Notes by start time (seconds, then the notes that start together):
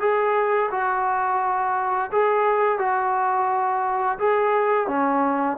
0.00 G#4
0.71 F#4
2.12 G#4
2.78 F#4
4.18 G#4
4.87 C#4